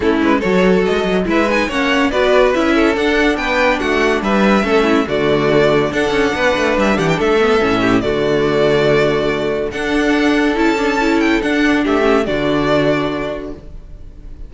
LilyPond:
<<
  \new Staff \with { instrumentName = "violin" } { \time 4/4 \tempo 4 = 142 a'8 b'8 cis''4 dis''4 e''8 gis''8 | fis''4 d''4 e''4 fis''4 | g''4 fis''4 e''2 | d''2 fis''2 |
e''8 fis''16 g''16 e''2 d''4~ | d''2. fis''4~ | fis''4 a''4. g''8 fis''4 | e''4 d''2. | }
  \new Staff \with { instrumentName = "violin" } { \time 4/4 e'4 a'2 b'4 | cis''4 b'4. a'4. | b'4 fis'4 b'4 a'8 e'8 | fis'2 a'4 b'4~ |
b'8 g'8 a'4. g'8 fis'4~ | fis'2. a'4~ | a'1 | g'4 fis'2. | }
  \new Staff \with { instrumentName = "viola" } { \time 4/4 cis'4 fis'2 e'8 dis'8 | cis'4 fis'4 e'4 d'4~ | d'2. cis'4 | a2 d'2~ |
d'4. b8 cis'4 a4~ | a2. d'4~ | d'4 e'8 d'8 e'4 d'4~ | d'8 cis'8 d'2. | }
  \new Staff \with { instrumentName = "cello" } { \time 4/4 a8 gis8 fis4 gis8 fis8 gis4 | ais4 b4 cis'4 d'4 | b4 a4 g4 a4 | d2 d'8 cis'8 b8 a8 |
g8 e8 a4 a,4 d4~ | d2. d'4~ | d'4 cis'2 d'4 | a4 d2. | }
>>